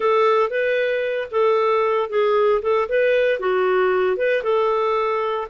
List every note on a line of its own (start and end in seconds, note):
0.00 0.50 A4
0.50 1.28 B4
1.31 2.09 A4
2.09 2.61 G#4
2.62 2.88 A4
2.89 3.39 B4
3.39 4.16 F#4
4.16 4.42 B4
4.43 5.47 A4